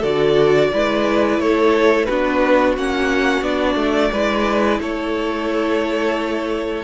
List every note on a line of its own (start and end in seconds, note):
0.00 0.71 D3
0.00 0.72 F#4
0.00 0.68 A4
0.00 1.39 D5
0.72 1.39 G#3
0.72 2.08 E4
0.72 1.41 B4
1.39 2.07 A3
1.39 2.08 A4
1.39 2.05 C#5
2.05 2.77 B3
2.05 2.77 D4
2.05 4.12 F#4
2.05 2.73 B4
2.77 3.42 A#3
2.77 3.43 C#4
2.77 3.43 F#5
3.42 3.75 B3
3.42 4.11 D4
3.42 4.80 D5
3.75 4.09 A3
4.12 4.79 G#3
4.12 6.84 E4
4.12 4.80 B4
4.79 6.84 A3
4.79 6.84 A4
4.79 6.84 C#5